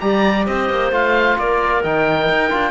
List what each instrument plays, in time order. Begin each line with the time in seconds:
0.00 cello G3, trombone G4, clarinet D5, oboe A#5
0.46 cello C4, clarinet C5, oboe D#5
0.70 cello A#3
0.92 cello A3, trombone F4, oboe F5
1.38 cello A#3, clarinet A#4, oboe D5
1.83 cello D#3, trombone D#4, oboe G5
2.29 cello D#4
2.50 cello D4, trombone F4